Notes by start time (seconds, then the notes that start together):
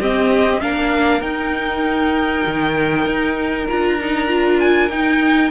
0.00 C4 G4 D#5
0.61 A#3 D4 A#4 F5
1.22 D#4 G5
2.47 D#3
3.06 D#4
3.70 D4 F4 A#5
4.01 D#4
4.28 F4
4.60 G#5
4.90 D#4 G5